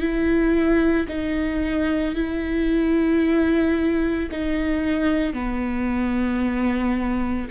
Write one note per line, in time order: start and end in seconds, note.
0.00 1.07 E4
1.09 2.16 D#4
2.16 4.30 E4
4.32 5.34 D#4
5.34 7.48 B3